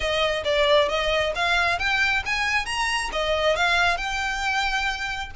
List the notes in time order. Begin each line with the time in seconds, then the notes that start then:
0.00 D#5
0.44 D5
0.88 D#5
1.35 F5
1.78 G5
2.25 G#5
2.65 A#5
3.12 D#5
3.56 F5
3.97 G5